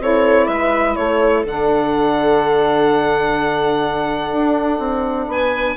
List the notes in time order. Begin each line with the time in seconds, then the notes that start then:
0.00 C4 E4 A4 C#5
0.47 G#3 B4 E5
0.96 A3 A4 C#5
1.45 D3 D4 F#5
4.33 D4
4.79 C4
5.28 B3 B4 G#5